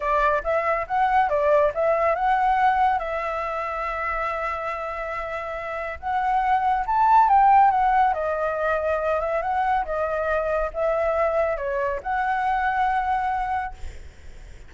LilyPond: \new Staff \with { instrumentName = "flute" } { \time 4/4 \tempo 4 = 140 d''4 e''4 fis''4 d''4 | e''4 fis''2 e''4~ | e''1~ | e''2 fis''2 |
a''4 g''4 fis''4 dis''4~ | dis''4. e''8 fis''4 dis''4~ | dis''4 e''2 cis''4 | fis''1 | }